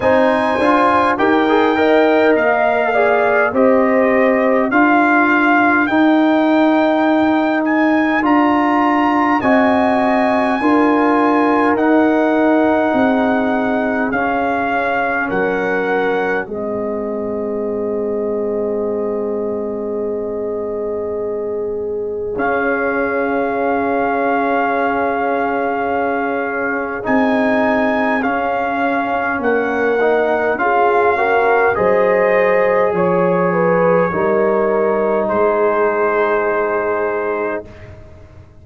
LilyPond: <<
  \new Staff \with { instrumentName = "trumpet" } { \time 4/4 \tempo 4 = 51 gis''4 g''4 f''4 dis''4 | f''4 g''4. gis''8 ais''4 | gis''2 fis''2 | f''4 fis''4 dis''2~ |
dis''2. f''4~ | f''2. gis''4 | f''4 fis''4 f''4 dis''4 | cis''2 c''2 | }
  \new Staff \with { instrumentName = "horn" } { \time 4/4 c''4 ais'8 dis''4 d''8 c''4 | ais'1 | dis''4 ais'2 gis'4~ | gis'4 ais'4 gis'2~ |
gis'1~ | gis'1~ | gis'4 ais'4 gis'8 ais'8 c''4 | cis''8 b'8 ais'4 gis'2 | }
  \new Staff \with { instrumentName = "trombone" } { \time 4/4 dis'8 f'8 g'16 gis'16 ais'4 gis'8 g'4 | f'4 dis'2 f'4 | fis'4 f'4 dis'2 | cis'2 c'2~ |
c'2. cis'4~ | cis'2. dis'4 | cis'4. dis'8 f'8 fis'8 gis'4~ | gis'4 dis'2. | }
  \new Staff \with { instrumentName = "tuba" } { \time 4/4 c'8 d'8 dis'4 ais4 c'4 | d'4 dis'2 d'4 | c'4 d'4 dis'4 c'4 | cis'4 fis4 gis2~ |
gis2. cis'4~ | cis'2. c'4 | cis'4 ais4 cis'4 fis4 | f4 g4 gis2 | }
>>